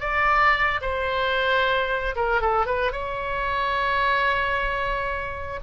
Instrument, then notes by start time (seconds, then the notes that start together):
oboe
0.00 D5
0.81 C5
2.16 A#4
2.41 A4
2.66 B4
2.92 C#5